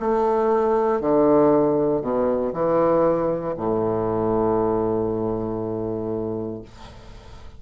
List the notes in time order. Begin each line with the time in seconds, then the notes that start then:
0.00 A3
1.01 D3
2.02 B2
2.53 E3
3.57 A2